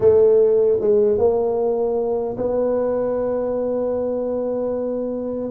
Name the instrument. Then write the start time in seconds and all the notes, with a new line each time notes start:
tuba
0.00 A3
0.80 G#3
1.18 A#3
2.37 B3